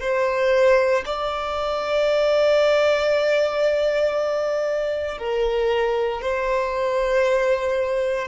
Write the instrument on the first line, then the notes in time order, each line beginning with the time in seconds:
violin
0.00 C5
1.05 D5
5.18 A#4
6.22 C5